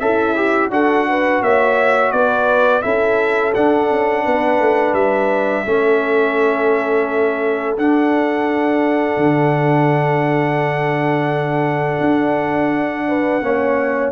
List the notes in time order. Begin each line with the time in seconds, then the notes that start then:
0.00 C#4 E4 A4 E5
0.37 G4
0.71 D4 F#4 A4 F#5
1.09 B4
1.42 A#3 C#5 E5
2.12 B3 B4 D5
2.82 C#4 E4 A4 E5
3.55 D4 F#5
3.91 C#4
4.24 B3 B4
4.60 A3
4.94 G3 E5
5.65 A3 C#4 A4
7.78 D4 F#5
9.17 D3
12.01 D4
13.09 B4
13.42 A#3 C#4 C#5